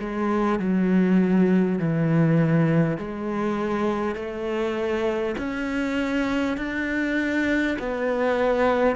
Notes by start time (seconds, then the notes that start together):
0.00 G#3
0.59 F#3
1.79 E3
2.97 G#3
4.15 A3
5.38 C#4
6.57 D4
7.78 B3